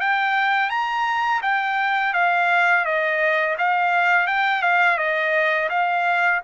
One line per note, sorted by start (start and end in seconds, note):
0.00 0.69 G5
0.69 1.41 A#5
1.42 2.13 G5
2.13 2.84 F5
2.84 3.56 D#5
3.58 4.27 F5
4.27 4.62 G5
4.62 4.97 F5
4.97 5.69 D#5
5.69 6.41 F5